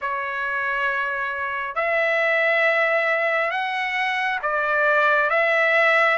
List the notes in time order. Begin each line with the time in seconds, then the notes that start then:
0.01 C#5
1.75 E5
3.51 F#5
4.42 D5
5.29 E5